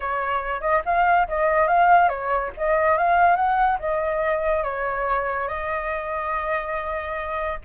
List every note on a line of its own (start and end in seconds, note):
0.00 0.60 C#5
0.60 0.82 D#5
0.85 1.27 F5
1.28 1.67 D#5
1.67 2.08 F5
2.08 2.50 C#5
2.57 2.97 D#5
2.97 3.36 F5
3.36 3.78 F#5
3.79 4.63 D#5
4.63 5.48 C#5
5.48 7.59 D#5